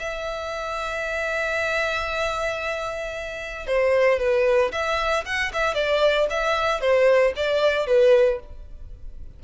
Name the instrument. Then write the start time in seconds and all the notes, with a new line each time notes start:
violin
0.00 E5
3.67 C5
4.19 B4
4.72 E5
5.26 F#5
5.54 E5
5.75 D5
6.30 E5
6.81 C5
7.36 D5
7.87 B4